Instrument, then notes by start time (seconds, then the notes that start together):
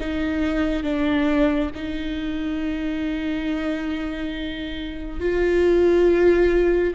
viola
0.00 D#4
0.83 D4
1.75 D#4
5.20 F4